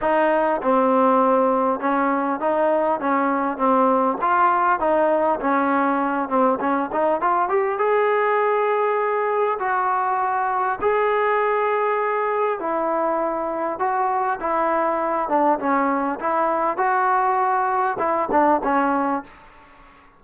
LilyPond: \new Staff \with { instrumentName = "trombone" } { \time 4/4 \tempo 4 = 100 dis'4 c'2 cis'4 | dis'4 cis'4 c'4 f'4 | dis'4 cis'4. c'8 cis'8 dis'8 | f'8 g'8 gis'2. |
fis'2 gis'2~ | gis'4 e'2 fis'4 | e'4. d'8 cis'4 e'4 | fis'2 e'8 d'8 cis'4 | }